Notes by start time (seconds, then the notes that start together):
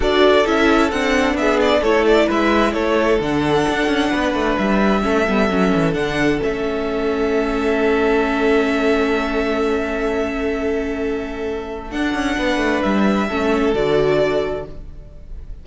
0.00 D4 F#4 A4 D5
0.45 C#4 E4 E5
0.90 C4 D4 F#5
1.34 B3 E5
1.40 G#4
1.60 D5
1.81 A3 E4 A4 C#5
2.06 D5
2.26 G#3 B4 E5
2.73 A3 A4 C#5
3.19 D3 D4 F#5
3.68 D4
3.86 C#4
4.10 B3 B4
4.34 A3
4.57 G3 E5
5.01 A3 C#4 A4
5.27 G3 B3
5.49 F#3 C#4
5.74 E3
5.93 D3 D4 F#5
6.38 C#4 E5
6.45 A3
11.90 D4 F#5
12.13 C#4
12.38 B3 B4
12.57 A3
12.82 G3 E5
13.27 A3 C#4 A4
13.74 D3 F#4 D5